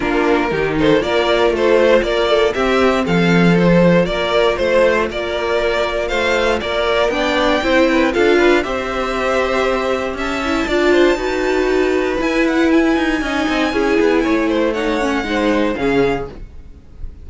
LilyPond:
<<
  \new Staff \with { instrumentName = "violin" } { \time 4/4 \tempo 4 = 118 ais'4. c''8 d''4 c''4 | d''4 e''4 f''4 c''4 | d''4 c''4 d''2 | f''4 d''4 g''2 |
f''4 e''2. | a''1 | gis''8 fis''8 gis''2.~ | gis''4 fis''2 f''4 | }
  \new Staff \with { instrumentName = "violin" } { \time 4/4 f'4 g'8 a'8 ais'4 a'8 c''8 | ais'8 a'8 g'4 a'2 | ais'4 c''4 ais'2 | c''4 ais'4 d''4 c''8 b'8 |
a'8 b'8 c''2. | e''4 d''8 c''8 b'2~ | b'2 dis''4 gis'4 | cis''8 c''8 cis''4 c''4 gis'4 | }
  \new Staff \with { instrumentName = "viola" } { \time 4/4 d'4 dis'4 f'2~ | f'4 c'2 f'4~ | f'1~ | f'2 d'4 e'4 |
f'4 g'2.~ | g'8 e'8 f'4 fis'2 | e'2 dis'4 e'4~ | e'4 dis'8 cis'8 dis'4 cis'4 | }
  \new Staff \with { instrumentName = "cello" } { \time 4/4 ais4 dis4 ais4 a4 | ais4 c'4 f2 | ais4 a4 ais2 | a4 ais4 b4 c'4 |
d'4 c'2. | cis'4 d'4 dis'2 | e'4. dis'8 cis'8 c'8 cis'8 b8 | a2 gis4 cis4 | }
>>